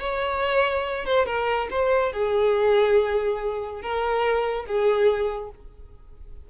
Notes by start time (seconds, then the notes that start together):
0.00 C#5
1.05 C5
1.26 A#4
1.71 C5
2.13 G#4
3.82 A#4
4.66 G#4